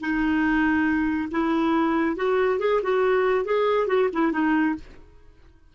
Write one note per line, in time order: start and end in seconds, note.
0.00 1.29 D#4
1.31 2.16 E4
2.16 2.59 F#4
2.59 2.81 G#4
2.82 3.45 F#4
3.45 3.87 G#4
3.87 4.09 F#4
4.13 4.32 E4
4.32 4.75 D#4